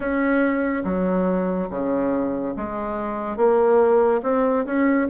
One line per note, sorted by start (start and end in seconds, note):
0.00 0.83 C#4
0.84 1.69 F#3
1.69 2.54 C#3
2.56 3.36 G#3
3.36 4.21 A#3
4.23 4.65 C4
4.65 5.07 C#4